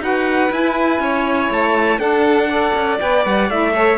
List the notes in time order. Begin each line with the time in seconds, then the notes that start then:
0.00 D#4 F#4 B4 F#5
0.51 E4 G#5
1.00 C#4 C#5
1.50 A3 A5
1.99 D4 A4 F#5
2.49 A4 D5
2.75 C#4
3.00 B3 B4 G5
3.26 G3 F#5
3.49 A3 E4 E5
3.73 A4 C#5